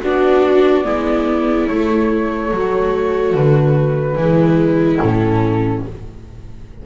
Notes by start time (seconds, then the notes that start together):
0.00 B3 D4 F#4 D5
0.84 G#3 B3 E4
1.67 A3 C#5
2.51 F#3 F#4
3.34 D3 B4
4.15 E3 G#3 E4
5.00 A2 C#4 A4